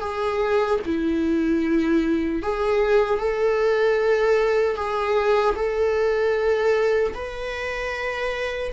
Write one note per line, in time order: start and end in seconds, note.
0.00 0.79 G#4
0.85 2.42 E4
2.42 3.18 G#4
3.18 4.75 A4
4.75 5.54 G#4
5.56 7.13 A4
7.14 8.72 B4